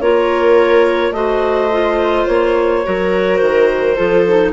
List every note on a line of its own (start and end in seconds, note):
0.00 1.11 A#3
0.00 1.13 F4
0.00 1.14 A#4
0.00 1.12 C#5
1.11 2.24 A3
1.11 1.70 F#4
1.11 2.86 C5
1.11 2.26 D#5
1.72 2.84 F4
2.26 2.85 A#3
2.26 3.37 C#5
2.84 3.41 F#3
2.84 3.96 F#4
2.84 3.96 A#4
3.37 3.98 D#3
3.37 4.50 C5
3.96 4.52 F3
3.96 4.25 F4
3.96 4.52 A4
4.28 4.52 D#4